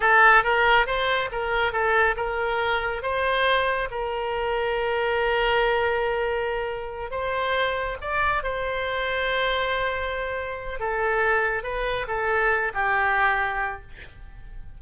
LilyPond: \new Staff \with { instrumentName = "oboe" } { \time 4/4 \tempo 4 = 139 a'4 ais'4 c''4 ais'4 | a'4 ais'2 c''4~ | c''4 ais'2.~ | ais'1~ |
ais'8 c''2 d''4 c''8~ | c''1~ | c''4 a'2 b'4 | a'4. g'2~ g'8 | }